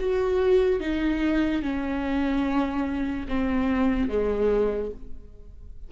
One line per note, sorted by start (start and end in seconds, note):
0.00 0.81 F#4
0.81 1.63 D#4
1.63 3.27 C#4
3.29 4.09 C4
4.09 4.92 G#3